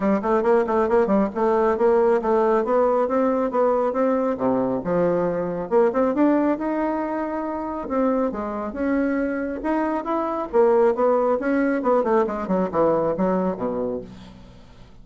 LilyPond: \new Staff \with { instrumentName = "bassoon" } { \time 4/4 \tempo 4 = 137 g8 a8 ais8 a8 ais8 g8 a4 | ais4 a4 b4 c'4 | b4 c'4 c4 f4~ | f4 ais8 c'8 d'4 dis'4~ |
dis'2 c'4 gis4 | cis'2 dis'4 e'4 | ais4 b4 cis'4 b8 a8 | gis8 fis8 e4 fis4 b,4 | }